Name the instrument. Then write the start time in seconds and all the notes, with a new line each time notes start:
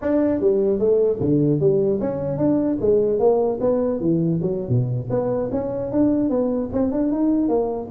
tuba
0.01 D4
0.40 G3
0.79 A3
1.20 D3
1.59 G3
2.00 C#4
2.37 D4
2.80 G#3
3.19 A#3
3.60 B3
4.00 E3
4.41 F#3
4.68 B2
5.10 B3
5.51 C#4
5.91 D4
6.29 B3
6.72 C4
6.91 D4
7.11 D#4
7.48 A#3